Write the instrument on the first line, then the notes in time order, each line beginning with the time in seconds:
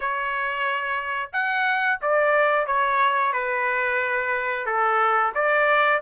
trumpet
0.00 C#5
1.32 F#5
2.01 D5
2.66 C#5
3.32 B4
4.65 A4
5.34 D5